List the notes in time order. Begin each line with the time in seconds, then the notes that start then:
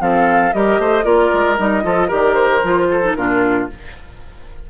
0.00 F3 C4 A4 F5
0.53 G3 G4 A#4 D#5
0.78 A3 C5
1.03 A#3 F4 A#4 D5
1.33 G#3
1.58 G3 D#4 D#5
1.83 F3 F4 A4
2.08 D#3 G4 A#4 D5
2.34 C5
2.63 F3 F4
2.90 A4
3.03 D#4
3.14 A#2 D4 F4 A#4